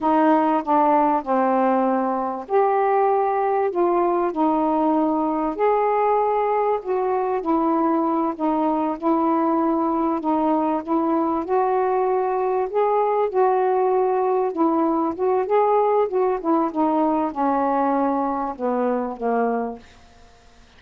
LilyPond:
\new Staff \with { instrumentName = "saxophone" } { \time 4/4 \tempo 4 = 97 dis'4 d'4 c'2 | g'2 f'4 dis'4~ | dis'4 gis'2 fis'4 | e'4. dis'4 e'4.~ |
e'8 dis'4 e'4 fis'4.~ | fis'8 gis'4 fis'2 e'8~ | e'8 fis'8 gis'4 fis'8 e'8 dis'4 | cis'2 b4 ais4 | }